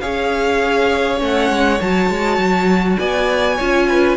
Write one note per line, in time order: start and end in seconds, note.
0.00 1.21 C#4
0.00 1.17 G#4
0.00 2.98 C#5
0.00 1.19 F5
1.17 1.50 A3
1.17 1.77 C#4
1.23 1.80 F#5
1.50 1.79 G#3
1.80 2.10 F#3
1.80 3.59 F#4
1.80 2.99 A5
2.10 2.37 G#3
2.37 2.97 F#3
2.98 3.59 B3
2.98 3.56 D5
2.98 4.17 G#5
3.56 4.17 C#4
3.56 4.17 F4
3.56 3.85 C#5
3.88 4.17 B4